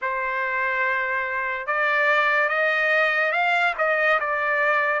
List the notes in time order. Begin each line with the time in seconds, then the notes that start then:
0.01 C5
1.67 D5
2.48 D#5
3.31 F5
3.78 D#5
4.20 D5